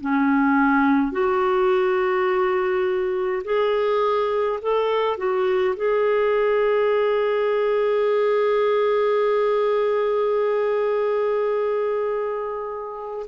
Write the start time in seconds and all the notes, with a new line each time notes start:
0.00 C#4
1.12 F#4
3.44 G#4
4.62 A4
5.17 F#4
5.76 G#4